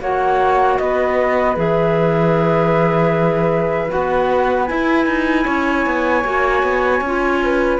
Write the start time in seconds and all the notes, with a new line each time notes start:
0.00 A#3 F#4 C#5 F#5
0.78 B3 B4 D#5
1.55 E3 G#4 E5
3.88 F#4 F#5
3.94 B3
4.66 E4 G#5
5.06 D#4
5.44 C#4 C#5
5.86 B3
6.24 A#3 F#4
6.62 B3
7.00 C#4 F4
7.43 B4